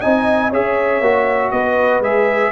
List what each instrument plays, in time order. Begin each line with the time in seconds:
0.00 tuba C4, trombone D#4, horn D#5, trumpet G#5
0.49 tuba C#4, trombone G#4, horn C#5, trumpet E5
1.00 tuba A#3, trombone F#4
1.51 tuba B3, horn B4, trumpet D#5
2.00 tuba G#3, trombone G#4, trumpet E5